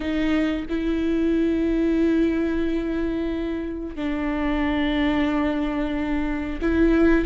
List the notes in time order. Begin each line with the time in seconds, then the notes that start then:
0.00 D#4
0.69 E4
3.95 D4
6.61 E4